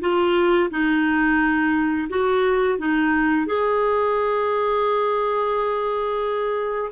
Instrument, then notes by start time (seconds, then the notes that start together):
clarinet
0.00 F4
0.70 D#4
2.09 F#4
2.78 D#4
3.46 G#4